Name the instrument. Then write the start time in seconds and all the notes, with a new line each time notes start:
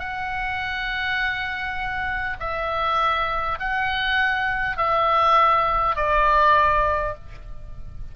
oboe
0.00 F#5
2.40 E5
3.60 F#5
4.77 E5
5.96 D5